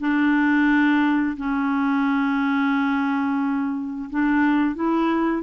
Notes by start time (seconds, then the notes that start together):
0.00 D4
1.37 C#4
4.10 D4
4.75 E4